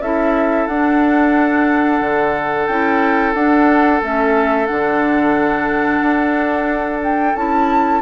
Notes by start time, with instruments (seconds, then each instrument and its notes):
0.00 bassoon C#4, clarinet E4, oboe A4, flute E5
0.67 bassoon D4, clarinet D4, flute F#5
2.01 bassoon D3
2.67 bassoon C#4, clarinet E4, flute G5
3.34 bassoon D4, clarinet D4, flute F#5
4.02 bassoon A3, clarinet C#4, flute E5
4.66 bassoon D3, clarinet D4, flute F#5
6.01 bassoon D4
7.04 flute G5
7.35 bassoon C#4, clarinet E4, flute A5